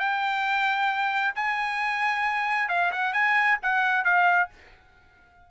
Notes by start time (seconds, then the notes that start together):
0.00 G5
1.35 G#5
2.69 F5
2.92 F#5
3.13 G#5
3.62 F#5
4.05 F5